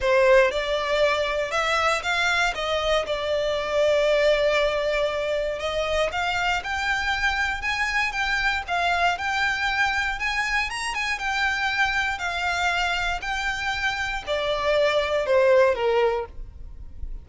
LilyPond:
\new Staff \with { instrumentName = "violin" } { \time 4/4 \tempo 4 = 118 c''4 d''2 e''4 | f''4 dis''4 d''2~ | d''2. dis''4 | f''4 g''2 gis''4 |
g''4 f''4 g''2 | gis''4 ais''8 gis''8 g''2 | f''2 g''2 | d''2 c''4 ais'4 | }